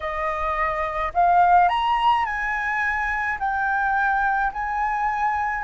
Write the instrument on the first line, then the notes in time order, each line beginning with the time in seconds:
flute
0.00 D#5
1.13 F5
1.68 A#5
2.25 G#5
3.39 G5
4.52 G#5